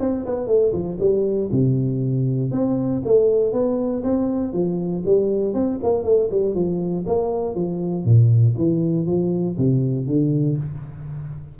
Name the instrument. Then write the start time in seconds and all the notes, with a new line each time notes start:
tuba
0.00 C4
0.26 B3
0.47 A3
0.73 F3
1.00 G3
1.52 C3
2.52 C4
3.05 A3
3.53 B3
4.04 C4
4.53 F3
5.06 G3
5.54 C4
5.83 A#3
6.04 A3
6.31 G3
6.55 F3
7.07 A#3
7.55 F3
8.05 A#2
8.58 E3
9.06 F3
9.58 C3
10.07 D3